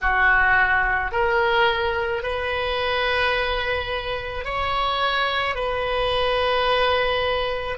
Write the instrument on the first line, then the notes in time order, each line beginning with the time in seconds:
oboe
0.01 F#4
1.11 A#4
2.22 B4
4.44 C#5
5.55 B4